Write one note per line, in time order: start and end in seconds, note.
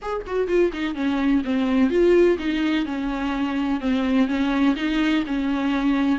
0.02 0.25 G#4
0.26 0.47 F#4
0.47 0.71 F4
0.73 0.94 D#4
0.94 1.42 C#4
1.44 1.90 C4
1.90 2.37 F4
2.38 2.85 D#4
2.85 3.80 C#4
3.80 4.27 C4
4.27 4.75 C#4
4.76 5.23 D#4
5.26 6.18 C#4